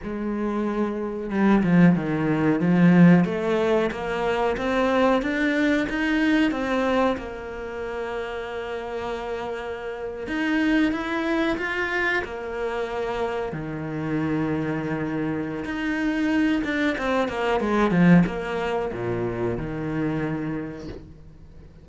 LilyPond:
\new Staff \with { instrumentName = "cello" } { \time 4/4 \tempo 4 = 92 gis2 g8 f8 dis4 | f4 a4 ais4 c'4 | d'4 dis'4 c'4 ais4~ | ais2.~ ais8. dis'16~ |
dis'8. e'4 f'4 ais4~ ais16~ | ais8. dis2.~ dis16 | dis'4. d'8 c'8 ais8 gis8 f8 | ais4 ais,4 dis2 | }